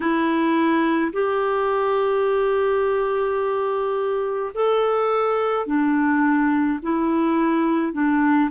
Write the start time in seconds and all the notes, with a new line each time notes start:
0.00 E4
1.13 G4
4.54 A4
5.66 D4
6.82 E4
7.92 D4